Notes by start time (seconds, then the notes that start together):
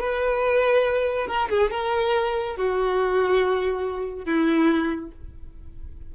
0.00 B4
1.27 A#4
1.50 G#4
1.71 A#4
2.56 F#4
4.25 E4